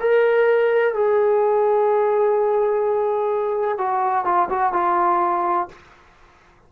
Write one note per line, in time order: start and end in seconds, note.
0.00 0.94 A#4
0.94 3.77 G#4
3.77 4.24 F#4
4.24 4.48 F4
4.49 4.73 F#4
4.73 5.68 F4